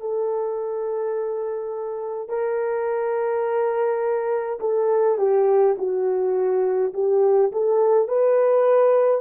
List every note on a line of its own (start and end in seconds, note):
0.00 2.28 A4
2.28 4.59 A#4
4.60 5.18 A4
5.18 5.75 G4
5.77 6.93 F#4
6.93 7.51 G4
7.52 8.08 A4
8.08 9.21 B4